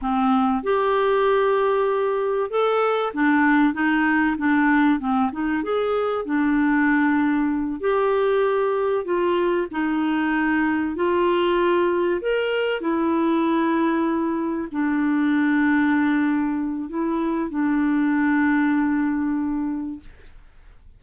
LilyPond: \new Staff \with { instrumentName = "clarinet" } { \time 4/4 \tempo 4 = 96 c'4 g'2. | a'4 d'4 dis'4 d'4 | c'8 dis'8 gis'4 d'2~ | d'8 g'2 f'4 dis'8~ |
dis'4. f'2 ais'8~ | ais'8 e'2. d'8~ | d'2. e'4 | d'1 | }